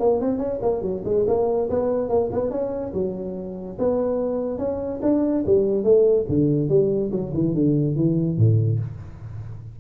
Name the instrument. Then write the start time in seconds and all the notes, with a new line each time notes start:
tuba
0.00 A#3
0.21 C4
0.39 C#4
0.62 A#3
0.82 F#3
1.05 G#3
1.28 A#3
1.70 B3
2.09 A#3
2.32 B3
2.51 C#4
2.94 F#3
3.79 B3
4.59 C#4
5.03 D4
5.47 G3
5.84 A3
6.29 D3
6.69 G3
7.12 F#3
7.34 E3
7.55 D3
7.96 E3
8.38 A2